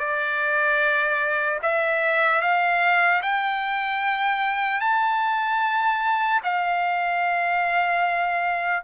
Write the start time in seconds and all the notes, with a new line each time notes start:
0.00 D5
1.63 E5
2.42 F5
3.23 G5
4.81 A5
6.44 F5